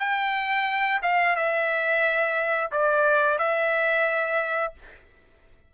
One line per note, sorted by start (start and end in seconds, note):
0.00 1.01 G5
1.03 1.36 F5
1.36 2.71 E5
2.72 3.39 D5
3.39 4.74 E5